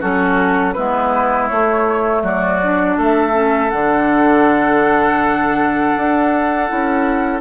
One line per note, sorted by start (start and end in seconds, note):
0.00 0.76 F#3
0.00 0.75 C#4
0.00 0.74 F#4
0.00 0.73 A4
0.73 1.51 G#3
0.73 1.50 B3
0.73 2.22 E4
0.73 1.47 B4
1.47 2.61 A3
1.47 2.22 A3
1.47 2.21 C#5
2.22 2.96 F#3
2.22 2.97 F#4
2.22 2.99 D5
2.63 3.32 D4
2.97 3.72 A3
2.97 7.40 A4
2.97 3.70 E5
3.32 3.69 C#4
3.70 5.94 D3
3.70 6.68 D4
3.70 7.40 F#5
5.96 6.70 D4
6.68 7.40 C#4
6.68 7.40 E4